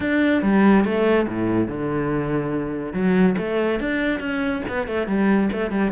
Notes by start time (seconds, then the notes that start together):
0.00 D4
0.42 G3
0.84 A3
1.28 A2
1.67 D3
2.93 F#3
3.37 A3
3.80 D4
4.19 C#4
4.68 B3
4.87 A3
5.07 G3
5.52 A3
5.70 G3